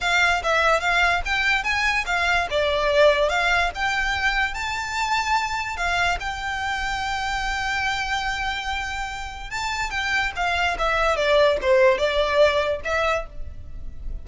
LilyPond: \new Staff \with { instrumentName = "violin" } { \time 4/4 \tempo 4 = 145 f''4 e''4 f''4 g''4 | gis''4 f''4 d''2 | f''4 g''2 a''4~ | a''2 f''4 g''4~ |
g''1~ | g''2. a''4 | g''4 f''4 e''4 d''4 | c''4 d''2 e''4 | }